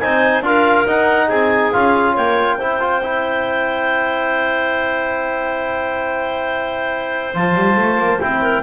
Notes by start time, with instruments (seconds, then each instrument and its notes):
0.00 double bass C4, trombone D#4, clarinet C5 G#5
0.42 double bass D4, trombone F4, clarinet A#4 F5
0.87 double bass D#4, trombone D#4, clarinet F#5
1.28 double bass C4, clarinet G#4 G#5
1.73 double bass C#4, trombone F4, clarinet F5
2.13 double bass A#3, clarinet C#5 G5
2.58 double bass C4, trombone E4, clarinet C5
2.81 trombone F4
3.03 trombone E4
7.34 double bass F3, trombone F4, clarinet A5
7.56 double bass G3
7.77 double bass A3
7.98 double bass A#3
8.21 double bass C4, trombone E4, clarinet G5
8.42 clarinet A#4